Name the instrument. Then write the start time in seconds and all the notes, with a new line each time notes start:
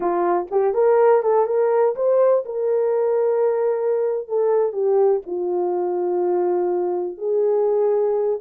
horn
0.00 F4
0.50 G4
0.74 A#4
1.22 A4
1.46 A#4
1.95 C5
2.45 A#4
4.27 A4
4.72 G4
5.26 F4
7.17 G#4